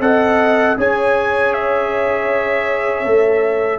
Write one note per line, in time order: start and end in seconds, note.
0.00 0.76 C4
0.00 0.77 A4
0.00 0.77 D#5
0.00 0.77 F#5
0.77 3.05 C#4
0.77 3.05 G#4
0.77 3.79 C#5
0.77 1.53 G#5
1.53 3.79 E5
3.05 3.79 A3
3.05 3.79 A4